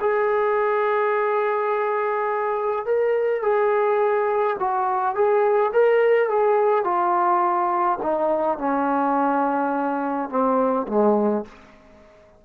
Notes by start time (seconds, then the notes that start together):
0.00 G#4
2.85 A#4
3.42 G#4
4.59 F#4
5.15 G#4
5.73 A#4
6.29 G#4
6.84 F4
8.02 D#4
8.58 C#4
10.29 C4
10.88 G#3